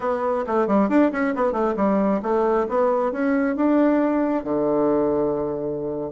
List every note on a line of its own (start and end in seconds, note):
0.00 0.44 B3
0.46 0.67 A3
0.67 0.89 G3
0.89 1.11 D4
1.12 1.34 C#4
1.35 1.52 B3
1.52 1.74 A3
1.76 2.21 G3
2.22 2.66 A3
2.68 3.12 B3
3.12 3.56 C#4
3.56 4.44 D4
4.44 6.10 D3